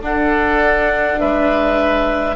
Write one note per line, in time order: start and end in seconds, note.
0.00 1.18 D4
0.00 2.36 D4
0.00 1.21 A4
0.00 1.20 F#5
1.20 2.36 G#3
1.20 2.36 B4
1.20 2.36 E5